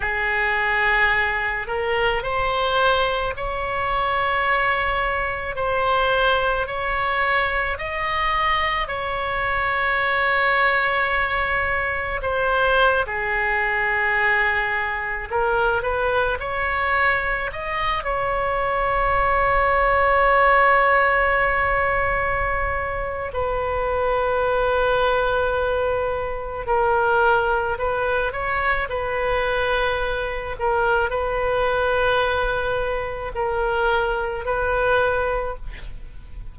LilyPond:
\new Staff \with { instrumentName = "oboe" } { \time 4/4 \tempo 4 = 54 gis'4. ais'8 c''4 cis''4~ | cis''4 c''4 cis''4 dis''4 | cis''2. c''8. gis'16~ | gis'4.~ gis'16 ais'8 b'8 cis''4 dis''16~ |
dis''16 cis''2.~ cis''8.~ | cis''4 b'2. | ais'4 b'8 cis''8 b'4. ais'8 | b'2 ais'4 b'4 | }